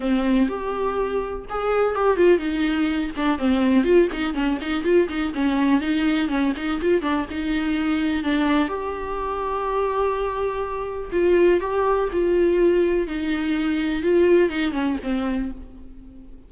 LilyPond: \new Staff \with { instrumentName = "viola" } { \time 4/4 \tempo 4 = 124 c'4 g'2 gis'4 | g'8 f'8 dis'4. d'8 c'4 | f'8 dis'8 cis'8 dis'8 f'8 dis'8 cis'4 | dis'4 cis'8 dis'8 f'8 d'8 dis'4~ |
dis'4 d'4 g'2~ | g'2. f'4 | g'4 f'2 dis'4~ | dis'4 f'4 dis'8 cis'8 c'4 | }